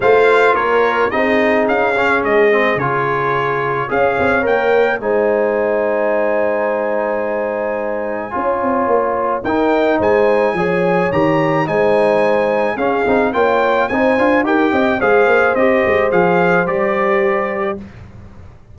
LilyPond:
<<
  \new Staff \with { instrumentName = "trumpet" } { \time 4/4 \tempo 4 = 108 f''4 cis''4 dis''4 f''4 | dis''4 cis''2 f''4 | g''4 gis''2.~ | gis''1~ |
gis''4 g''4 gis''2 | ais''4 gis''2 f''4 | g''4 gis''4 g''4 f''4 | dis''4 f''4 d''2 | }
  \new Staff \with { instrumentName = "horn" } { \time 4/4 c''4 ais'4 gis'2~ | gis'2. cis''4~ | cis''4 c''2.~ | c''2. cis''4~ |
cis''4 ais'4 c''4 cis''4~ | cis''4 c''2 gis'4 | cis''4 c''4 ais'8 dis''8 c''4~ | c''1 | }
  \new Staff \with { instrumentName = "trombone" } { \time 4/4 f'2 dis'4. cis'8~ | cis'8 c'8 f'2 gis'4 | ais'4 dis'2.~ | dis'2. f'4~ |
f'4 dis'2 gis'4 | g'4 dis'2 cis'8 dis'8 | f'4 dis'8 f'8 g'4 gis'4 | g'4 gis'4 g'2 | }
  \new Staff \with { instrumentName = "tuba" } { \time 4/4 a4 ais4 c'4 cis'4 | gis4 cis2 cis'8 c'8 | ais4 gis2.~ | gis2. cis'8 c'8 |
ais4 dis'4 gis4 f4 | dis4 gis2 cis'8 c'8 | ais4 c'8 d'8 dis'8 c'8 gis8 ais8 | c'8 gis8 f4 g2 | }
>>